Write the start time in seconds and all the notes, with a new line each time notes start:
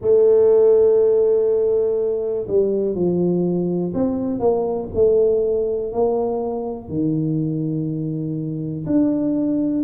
0.00 A3
2.47 G3
2.94 F3
3.93 C4
4.39 A#3
4.94 A3
5.92 A#3
6.89 D#3
8.85 D4